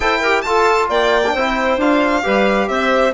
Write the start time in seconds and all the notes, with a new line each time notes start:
0.00 E4 A4 C5 G5
0.20 G4 A#4
0.41 F4 A4 A5
0.89 A#3 D5 G5
1.26 D4
1.33 C4 E4 C5
1.77 D4 F4 F5
2.23 G3 G4 B4
2.68 C4 C5 E5